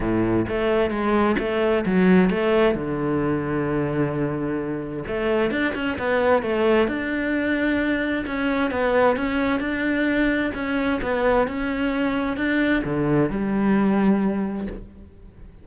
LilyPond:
\new Staff \with { instrumentName = "cello" } { \time 4/4 \tempo 4 = 131 a,4 a4 gis4 a4 | fis4 a4 d2~ | d2. a4 | d'8 cis'8 b4 a4 d'4~ |
d'2 cis'4 b4 | cis'4 d'2 cis'4 | b4 cis'2 d'4 | d4 g2. | }